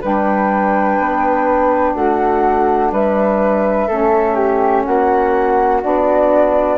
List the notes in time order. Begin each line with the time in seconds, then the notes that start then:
0.00 G3 D4 B4 G5
0.98 B3
1.94 A3 F#4 F#5
2.91 G3 B4 E5
3.87 A3 C#4 A4
4.34 G4
4.84 A#3 F#4 F#5
5.81 B3 D4 D5